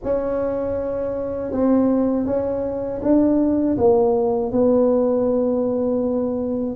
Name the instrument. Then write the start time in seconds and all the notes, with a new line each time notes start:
tuba
0.03 C#4
1.51 C4
2.25 C#4
3.02 D4
3.77 A#3
4.52 B3